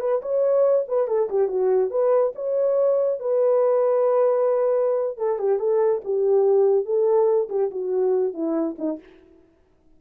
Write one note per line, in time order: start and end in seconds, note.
0.00 0.21 B4
0.22 0.85 C#5
0.88 1.08 B4
1.08 1.29 A4
1.30 1.48 G4
1.48 1.90 F#4
1.91 2.33 B4
2.35 3.20 C#5
3.20 5.18 B4
5.18 5.39 A4
5.39 5.59 G4
5.59 6.02 A4
6.04 6.85 G4
6.85 7.49 A4
7.49 7.71 G4
7.71 8.34 F#4
8.34 8.76 E4
8.78 9.00 D#4